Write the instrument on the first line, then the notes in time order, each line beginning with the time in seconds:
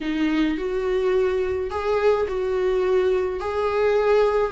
viola
0.01 D#4
0.57 F#4
1.70 G#4
2.28 F#4
3.40 G#4